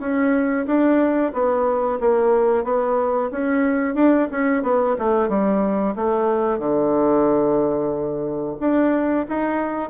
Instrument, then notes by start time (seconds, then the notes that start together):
bassoon
0.00 C#4
0.66 D4
1.33 B3
2.00 A#3
2.64 B3
3.31 C#4
3.95 D4
4.31 C#4
4.63 B3
4.98 A3
5.29 G3
5.95 A3
6.58 D3
8.60 D4
9.28 D#4